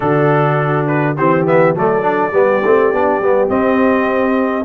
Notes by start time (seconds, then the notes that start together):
0.00 D3 D4 F#4 A4
0.87 B4
1.16 E3 C4 G4 C5
1.46 B3 E5
1.74 F#3 A3 A4 D5
2.01 D4
2.31 G3 B3 G4
2.64 A3 C4
2.93 B3 D4
3.20 G3 B3
3.48 C4 D#5